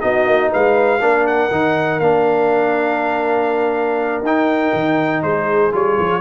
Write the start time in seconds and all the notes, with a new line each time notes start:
0.00 B3 D#4 F#4 D#5
0.26 A#3
0.51 G#3 B4 F5
1.01 A#3 D4 A#4
1.27 F#5
1.51 D#3 D#4
2.00 A#3 D4 F5
4.22 D#4 G5
4.73 D#3
5.23 G#3 G#4 C5
5.72 G3 F4 C#5
5.99 F3